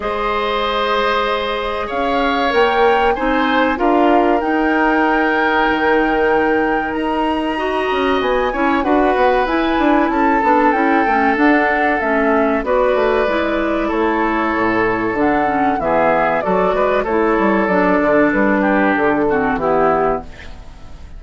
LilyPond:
<<
  \new Staff \with { instrumentName = "flute" } { \time 4/4 \tempo 4 = 95 dis''2. f''4 | g''4 gis''4 f''4 g''4~ | g''2. ais''4~ | ais''4 gis''4 fis''4 gis''4 |
a''4 g''4 fis''4 e''4 | d''2 cis''2 | fis''4 e''4 d''4 cis''4 | d''4 b'4 a'4 g'4 | }
  \new Staff \with { instrumentName = "oboe" } { \time 4/4 c''2. cis''4~ | cis''4 c''4 ais'2~ | ais'1 | dis''4. cis''8 b'2 |
a'1 | b'2 a'2~ | a'4 gis'4 a'8 b'8 a'4~ | a'4. g'4 fis'8 e'4 | }
  \new Staff \with { instrumentName = "clarinet" } { \time 4/4 gis'1 | ais'4 dis'4 f'4 dis'4~ | dis'1 | fis'4. e'8 fis'4 e'4~ |
e'8 d'8 e'8 cis'8 d'4 cis'4 | fis'4 e'2. | d'8 cis'8 b4 fis'4 e'4 | d'2~ d'8 c'8 b4 | }
  \new Staff \with { instrumentName = "bassoon" } { \time 4/4 gis2. cis'4 | ais4 c'4 d'4 dis'4~ | dis'4 dis2 dis'4~ | dis'8 cis'8 b8 cis'8 d'8 b8 e'8 d'8 |
cis'8 b8 cis'8 a8 d'4 a4 | b8 a8 gis4 a4 a,4 | d4 e4 fis8 gis8 a8 g8 | fis8 d8 g4 d4 e4 | }
>>